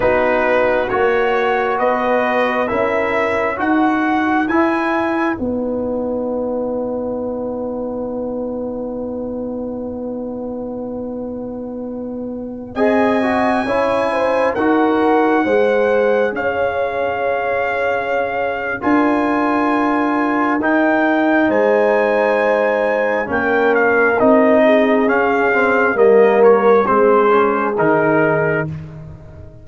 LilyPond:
<<
  \new Staff \with { instrumentName = "trumpet" } { \time 4/4 \tempo 4 = 67 b'4 cis''4 dis''4 e''4 | fis''4 gis''4 fis''2~ | fis''1~ | fis''2~ fis''16 gis''4.~ gis''16~ |
gis''16 fis''2 f''4.~ f''16~ | f''4 gis''2 g''4 | gis''2 g''8 f''8 dis''4 | f''4 dis''8 cis''8 c''4 ais'4 | }
  \new Staff \with { instrumentName = "horn" } { \time 4/4 fis'2 b'4 ais'4 | b'1~ | b'1~ | b'2~ b'16 dis''4 cis''8 c''16~ |
c''16 ais'4 c''4 cis''4.~ cis''16~ | cis''4 ais'2. | c''2 ais'4. gis'8~ | gis'4 ais'4 gis'2 | }
  \new Staff \with { instrumentName = "trombone" } { \time 4/4 dis'4 fis'2 e'4 | fis'4 e'4 dis'2~ | dis'1~ | dis'2~ dis'16 gis'8 fis'8 e'8.~ |
e'16 fis'4 gis'2~ gis'8.~ | gis'4 f'2 dis'4~ | dis'2 cis'4 dis'4 | cis'8 c'8 ais4 c'8 cis'8 dis'4 | }
  \new Staff \with { instrumentName = "tuba" } { \time 4/4 b4 ais4 b4 cis'4 | dis'4 e'4 b2~ | b1~ | b2~ b16 c'4 cis'8.~ |
cis'16 dis'4 gis4 cis'4.~ cis'16~ | cis'4 d'2 dis'4 | gis2 ais4 c'4 | cis'4 g4 gis4 dis4 | }
>>